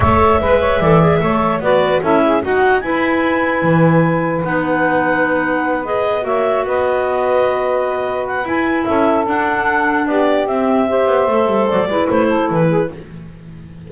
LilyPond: <<
  \new Staff \with { instrumentName = "clarinet" } { \time 4/4 \tempo 4 = 149 e''1 | d''4 e''4 fis''4 gis''4~ | gis''2. fis''4~ | fis''2~ fis''8 dis''4 e''8~ |
e''8 dis''2.~ dis''8~ | dis''8 fis''8 gis''4 e''4 fis''4~ | fis''4 d''4 e''2~ | e''4 d''4 c''4 b'4 | }
  \new Staff \with { instrumentName = "saxophone" } { \time 4/4 cis''4 b'8 cis''8 d''4 cis''4 | b'4 a'8 gis'8 fis'4 b'4~ | b'1~ | b'2.~ b'8 cis''8~ |
cis''8 b'2.~ b'8~ | b'2 a'2~ | a'4 g'2 c''4~ | c''4. b'4 a'4 gis'8 | }
  \new Staff \with { instrumentName = "clarinet" } { \time 4/4 a'4 b'4 a'8 gis'8 a'4 | fis'4 e'4 fis'4 e'4~ | e'2. dis'4~ | dis'2~ dis'8 gis'4 fis'8~ |
fis'1~ | fis'4 e'2 d'4~ | d'2 c'4 g'4 | a'4. e'2~ e'8 | }
  \new Staff \with { instrumentName = "double bass" } { \time 4/4 a4 gis4 e4 a4 | b4 cis'4 dis'4 e'4~ | e'4 e2 b4~ | b2.~ b8 ais8~ |
ais8 b2.~ b8~ | b4 e'4 cis'4 d'4~ | d'4 b4 c'4. b8 | a8 g8 fis8 gis8 a4 e4 | }
>>